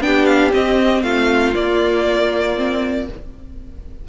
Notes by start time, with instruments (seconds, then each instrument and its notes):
0.00 cello B3, viola D4, violin G5
0.06 violin G4
0.26 violin F5
0.51 viola C4, cello C4, violin D#5
1.03 cello A3, violin F4 F5
1.54 viola A#3, cello A#3, violin D5
2.57 viola C4